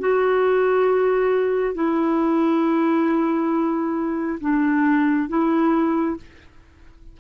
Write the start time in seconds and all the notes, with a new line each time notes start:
0.00 F#4
1.75 E4
4.41 D4
5.29 E4